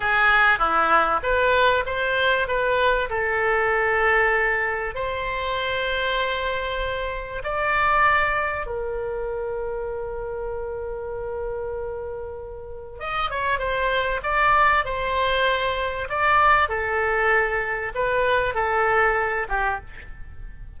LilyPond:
\new Staff \with { instrumentName = "oboe" } { \time 4/4 \tempo 4 = 97 gis'4 e'4 b'4 c''4 | b'4 a'2. | c''1 | d''2 ais'2~ |
ais'1~ | ais'4 dis''8 cis''8 c''4 d''4 | c''2 d''4 a'4~ | a'4 b'4 a'4. g'8 | }